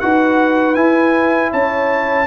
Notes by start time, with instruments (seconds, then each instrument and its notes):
0.00 tuba D#4, trombone F#4, horn B4, trumpet F#5
0.75 trombone E4, tuba E4, trumpet G#5
1.52 tuba C#4, horn C#5, trumpet A5